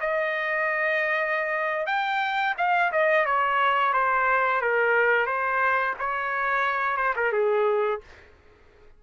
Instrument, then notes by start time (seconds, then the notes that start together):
trumpet
0.00 D#5
1.87 G5
2.57 F5
2.92 D#5
3.26 C#5
3.93 C5
4.61 A#4
5.26 C5
5.99 C#5
6.97 C5
7.16 A#4
7.32 G#4